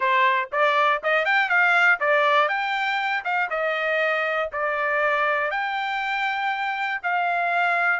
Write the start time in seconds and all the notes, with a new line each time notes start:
0.00 C5
0.52 D5
1.03 D#5
1.25 G5
1.49 F5
2.00 D5
2.48 G5
3.24 F5
3.50 D#5
4.52 D5
5.50 G5
7.02 F5